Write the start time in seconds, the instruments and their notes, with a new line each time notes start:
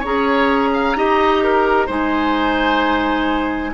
0.00 bassoon C#4, clarinet G#4, oboe C#5, flute A#5
0.74 oboe F5
0.96 bassoon D#4, clarinet G4, oboe D#5
1.44 oboe A#4
1.87 bassoon G#3, clarinet D#4, oboe C5, flute G#5